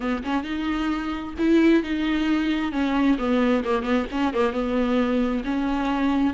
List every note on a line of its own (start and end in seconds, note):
0.00 0.23 B3
0.23 0.43 C#4
0.43 1.34 D#4
1.38 1.83 E4
1.83 2.72 D#4
2.72 3.17 C#4
3.18 3.63 B3
3.64 3.83 A#3
3.83 4.05 B3
4.11 4.33 C#4
4.33 4.52 A#3
4.52 5.43 B3
5.44 6.33 C#4